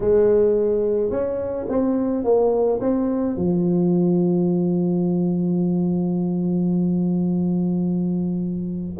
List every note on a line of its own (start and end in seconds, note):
0.00 1.10 G#3
1.10 1.66 C#4
1.68 2.24 C4
2.24 2.80 A#3
2.80 3.36 C4
3.36 8.97 F3